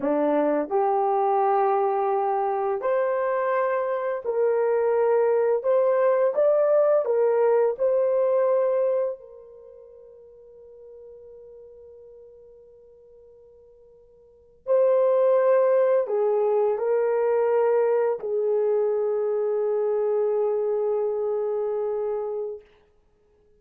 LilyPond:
\new Staff \with { instrumentName = "horn" } { \time 4/4 \tempo 4 = 85 d'4 g'2. | c''2 ais'2 | c''4 d''4 ais'4 c''4~ | c''4 ais'2.~ |
ais'1~ | ais'8. c''2 gis'4 ais'16~ | ais'4.~ ais'16 gis'2~ gis'16~ | gis'1 | }